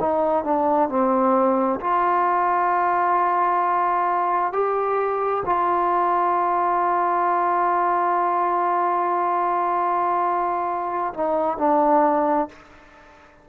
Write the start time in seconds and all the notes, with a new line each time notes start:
0.00 D#4
0.45 D4
0.89 C4
1.81 F4
4.53 G4
5.45 F4
11.14 D#4
11.58 D4